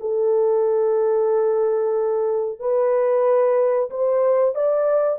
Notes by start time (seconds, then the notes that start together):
0.00 A4
2.59 B4
3.90 C5
4.55 D5